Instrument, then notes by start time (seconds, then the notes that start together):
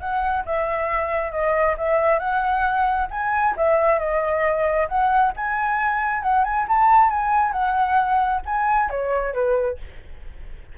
flute
0.00 F#5
0.45 E5
1.32 D#5
1.78 E5
2.19 F#5
3.11 G#5
3.57 E5
3.99 D#5
4.88 F#5
5.36 G#5
6.23 F#5
6.44 G#5
6.68 A5
7.10 G#5
7.53 F#5
8.45 G#5
8.90 C#5
9.34 B4